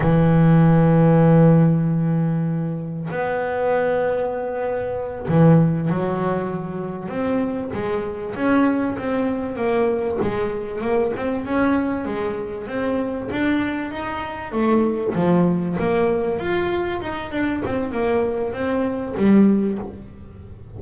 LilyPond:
\new Staff \with { instrumentName = "double bass" } { \time 4/4 \tempo 4 = 97 e1~ | e4 b2.~ | b8 e4 fis2 c'8~ | c'8 gis4 cis'4 c'4 ais8~ |
ais8 gis4 ais8 c'8 cis'4 gis8~ | gis8 c'4 d'4 dis'4 a8~ | a8 f4 ais4 f'4 dis'8 | d'8 c'8 ais4 c'4 g4 | }